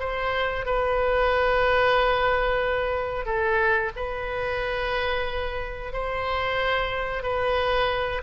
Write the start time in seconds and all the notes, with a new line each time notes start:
0.00 C5
0.66 B4
3.26 A4
3.97 B4
5.93 C5
7.23 B4